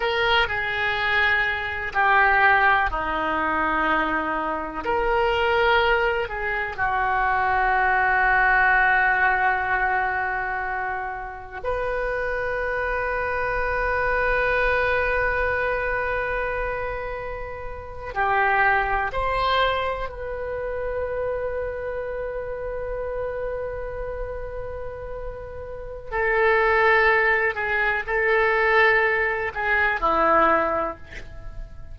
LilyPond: \new Staff \with { instrumentName = "oboe" } { \time 4/4 \tempo 4 = 62 ais'8 gis'4. g'4 dis'4~ | dis'4 ais'4. gis'8 fis'4~ | fis'1 | b'1~ |
b'2~ b'8. g'4 c''16~ | c''8. b'2.~ b'16~ | b'2. a'4~ | a'8 gis'8 a'4. gis'8 e'4 | }